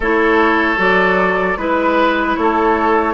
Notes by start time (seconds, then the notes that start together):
0.00 A3 E4 A4 C#5
0.76 F#3 F#4 D5
1.57 G#3 E4 B4
2.36 A3 A4 C#5